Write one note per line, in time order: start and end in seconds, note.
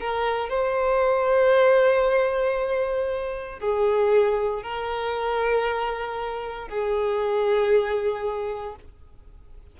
0.00 0.49 A#4
0.49 3.59 C5
3.59 4.63 G#4
4.63 6.68 A#4
6.68 8.75 G#4